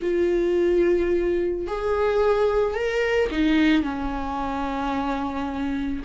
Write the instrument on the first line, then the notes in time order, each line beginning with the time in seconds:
viola
0.02 F4
1.67 G#4
2.74 A#4
3.31 D#4
3.82 C#4